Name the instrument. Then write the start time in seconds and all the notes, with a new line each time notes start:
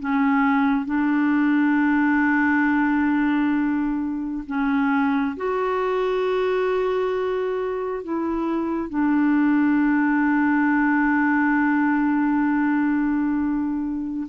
clarinet
0.00 C#4
0.85 D4
4.47 C#4
5.36 F#4
8.04 E4
8.89 D4